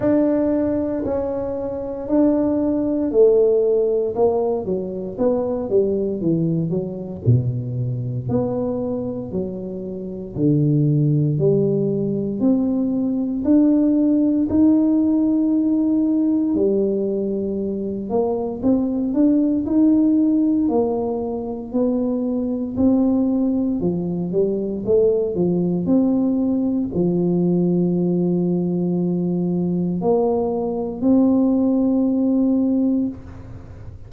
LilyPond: \new Staff \with { instrumentName = "tuba" } { \time 4/4 \tempo 4 = 58 d'4 cis'4 d'4 a4 | ais8 fis8 b8 g8 e8 fis8 b,4 | b4 fis4 d4 g4 | c'4 d'4 dis'2 |
g4. ais8 c'8 d'8 dis'4 | ais4 b4 c'4 f8 g8 | a8 f8 c'4 f2~ | f4 ais4 c'2 | }